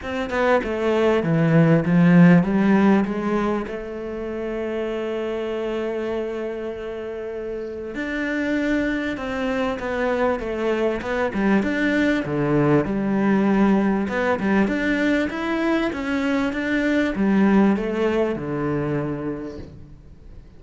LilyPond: \new Staff \with { instrumentName = "cello" } { \time 4/4 \tempo 4 = 98 c'8 b8 a4 e4 f4 | g4 gis4 a2~ | a1~ | a4 d'2 c'4 |
b4 a4 b8 g8 d'4 | d4 g2 b8 g8 | d'4 e'4 cis'4 d'4 | g4 a4 d2 | }